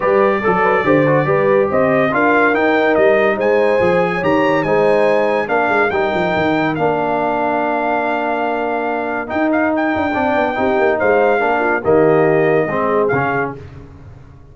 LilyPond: <<
  \new Staff \with { instrumentName = "trumpet" } { \time 4/4 \tempo 4 = 142 d''1 | dis''4 f''4 g''4 dis''4 | gis''2 ais''4 gis''4~ | gis''4 f''4 g''2 |
f''1~ | f''2 g''8 f''8 g''4~ | g''2 f''2 | dis''2. f''4 | }
  \new Staff \with { instrumentName = "horn" } { \time 4/4 b'4 a'8 b'8 c''4 b'4 | c''4 ais'2. | c''4.~ c''16 cis''4~ cis''16 c''4~ | c''4 ais'2.~ |
ais'1~ | ais'1 | d''4 g'4 c''4 ais'8 f'8 | g'2 gis'2 | }
  \new Staff \with { instrumentName = "trombone" } { \time 4/4 g'4 a'4 g'8 fis'8 g'4~ | g'4 f'4 dis'2~ | dis'4 gis'4 g'4 dis'4~ | dis'4 d'4 dis'2 |
d'1~ | d'2 dis'2 | d'4 dis'2 d'4 | ais2 c'4 cis'4 | }
  \new Staff \with { instrumentName = "tuba" } { \time 4/4 g4 fis4 d4 g4 | c'4 d'4 dis'4 g4 | gis4 f4 dis4 gis4~ | gis4 ais8 gis8 g8 f8 dis4 |
ais1~ | ais2 dis'4. d'8 | c'8 b8 c'8 ais8 gis4 ais4 | dis2 gis4 cis4 | }
>>